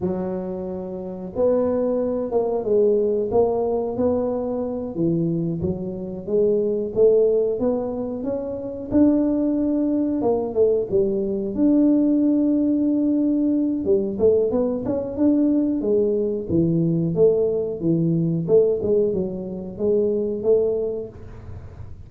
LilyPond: \new Staff \with { instrumentName = "tuba" } { \time 4/4 \tempo 4 = 91 fis2 b4. ais8 | gis4 ais4 b4. e8~ | e8 fis4 gis4 a4 b8~ | b8 cis'4 d'2 ais8 |
a8 g4 d'2~ d'8~ | d'4 g8 a8 b8 cis'8 d'4 | gis4 e4 a4 e4 | a8 gis8 fis4 gis4 a4 | }